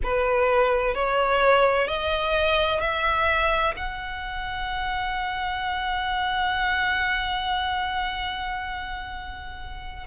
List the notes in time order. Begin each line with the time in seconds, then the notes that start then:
0.03 B4
0.95 C#5
1.87 D#5
2.80 E5
3.76 F#5